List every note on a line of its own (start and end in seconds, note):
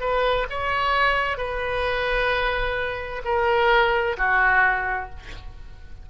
0.00 0.46 B4
0.50 1.37 C#5
1.37 3.22 B4
3.24 4.17 A#4
4.17 5.09 F#4